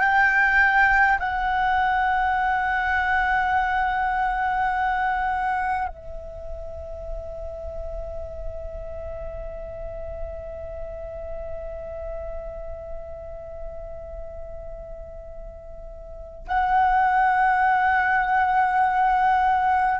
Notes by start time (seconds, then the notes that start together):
0.00 G5
1.19 F#5
5.88 E5
16.48 F#5